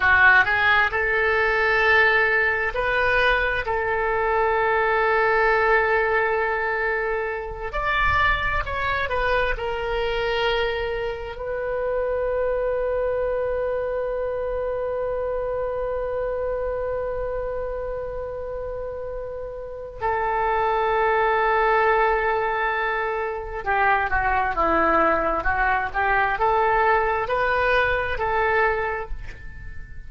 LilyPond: \new Staff \with { instrumentName = "oboe" } { \time 4/4 \tempo 4 = 66 fis'8 gis'8 a'2 b'4 | a'1~ | a'8 d''4 cis''8 b'8 ais'4.~ | ais'8 b'2.~ b'8~ |
b'1~ | b'2 a'2~ | a'2 g'8 fis'8 e'4 | fis'8 g'8 a'4 b'4 a'4 | }